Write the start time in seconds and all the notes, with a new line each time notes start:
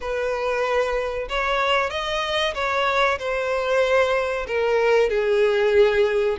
0.00 B4
1.28 C#5
1.90 D#5
2.54 C#5
3.19 C5
4.47 A#4
5.09 G#4